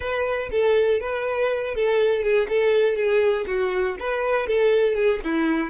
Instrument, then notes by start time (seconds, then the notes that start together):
violin
0.00 B4
0.51 A4
1.00 B4
1.74 A4
2.22 G#4
2.48 A4
2.95 G#4
3.46 F#4
3.99 B4
4.47 A4
4.94 G#4
5.23 E4